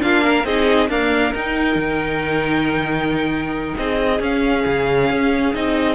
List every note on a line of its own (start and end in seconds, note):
0.00 0.45 A#3
0.00 0.44 D4
0.00 0.24 F4
0.00 0.45 F5
0.24 0.46 A#4
0.45 0.89 C4
0.45 0.91 D#4
0.45 0.90 G#4
0.45 0.90 D#5
0.89 1.34 A#3
0.89 1.33 D4
0.89 3.78 A#4
0.89 1.34 F5
1.34 4.21 D#4
1.34 1.76 D#4
1.34 3.77 G5
1.76 3.74 D#3
3.77 4.20 C4
3.77 5.95 G#4
3.77 4.21 D#5
4.20 4.64 C#4
4.20 5.54 C#4
4.20 5.55 F5
4.66 5.10 C#3
5.10 5.55 C#4
5.54 5.95 C4
5.54 5.95 D#4
5.54 5.95 D#5